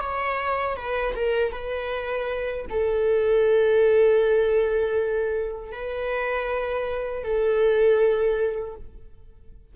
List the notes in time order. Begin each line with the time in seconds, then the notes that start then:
0.00 C#5
0.76 B4
1.15 A#4
1.52 B4
2.69 A4
5.72 B4
7.23 A4